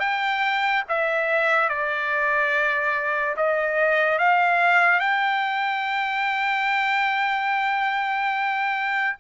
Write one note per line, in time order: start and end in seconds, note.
0.00 0.83 G5
0.88 1.69 E5
1.69 3.36 D5
3.36 4.19 D#5
4.19 5.00 F5
5.00 9.17 G5